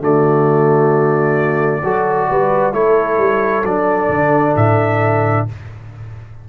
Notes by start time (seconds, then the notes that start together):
0.00 D3 A3 F#4 D5
1.83 F#3 F#4 A4
2.30 G3 B4
2.73 A3 E4 A4 C#5
3.18 G3
3.63 F#3 D4 D5
4.09 D3
4.56 A2 E5